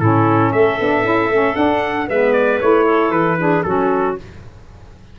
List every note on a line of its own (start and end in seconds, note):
0.00 0.53 A2
0.00 0.80 C#4
0.00 0.52 E4
0.00 0.52 A4
0.52 0.79 A3
0.52 2.08 A4
0.52 1.56 E5
0.80 1.04 B3
0.80 1.04 D4
1.04 1.29 C#4
1.04 1.31 E4
1.29 1.55 A3
1.29 1.55 C#4
1.55 2.07 D4
1.55 2.09 D4
1.55 2.08 F#5
2.08 2.61 G#3
2.08 2.61 B3
2.08 2.86 B4
2.08 2.33 E5
2.33 2.59 D5
2.61 3.11 A3
2.61 3.38 E4
2.61 3.11 C#5
2.86 3.38 A4
3.11 3.63 E3
3.11 3.63 B4
3.38 3.64 D4
3.38 3.66 G#4
3.63 4.17 F#3
3.63 4.19 C#4
3.63 4.19 F#4
3.63 4.16 A4